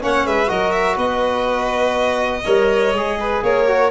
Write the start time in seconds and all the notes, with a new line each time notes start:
0.00 A#3 C#4 C#5 F#5
0.25 G#3 B4 E5
0.47 F#3 F#4 A#4 D#5
0.72 E5
0.95 B3 B4 D#5
2.45 G3 A#4 C#5
2.93 G#3 G#4
3.20 B4
3.42 A#3 A#4 C#5
3.67 F#4